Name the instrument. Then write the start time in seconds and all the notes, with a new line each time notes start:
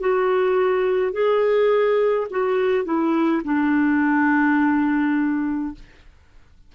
clarinet
0.00 F#4
1.12 G#4
2.30 F#4
2.85 E4
3.44 D4